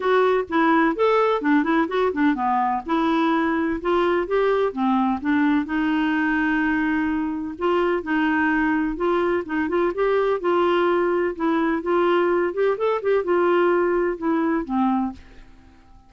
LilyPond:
\new Staff \with { instrumentName = "clarinet" } { \time 4/4 \tempo 4 = 127 fis'4 e'4 a'4 d'8 e'8 | fis'8 d'8 b4 e'2 | f'4 g'4 c'4 d'4 | dis'1 |
f'4 dis'2 f'4 | dis'8 f'8 g'4 f'2 | e'4 f'4. g'8 a'8 g'8 | f'2 e'4 c'4 | }